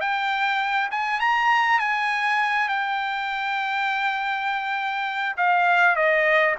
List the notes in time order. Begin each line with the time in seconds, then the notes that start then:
0.00 G5
0.91 G#5
1.20 A#5
1.79 G#5
2.68 G5
5.37 F5
5.95 D#5